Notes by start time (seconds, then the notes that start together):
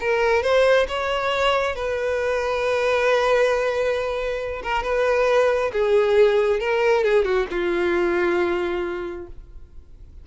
0.00 A#4
0.43 C5
0.88 C#5
1.75 B4
4.63 A#4
4.83 B4
5.73 G#4
6.60 A#4
7.04 G#4
7.24 F#4
7.51 F4